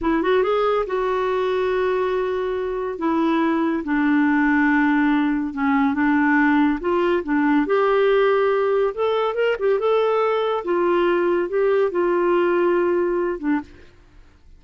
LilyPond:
\new Staff \with { instrumentName = "clarinet" } { \time 4/4 \tempo 4 = 141 e'8 fis'8 gis'4 fis'2~ | fis'2. e'4~ | e'4 d'2.~ | d'4 cis'4 d'2 |
f'4 d'4 g'2~ | g'4 a'4 ais'8 g'8 a'4~ | a'4 f'2 g'4 | f'2.~ f'8 d'8 | }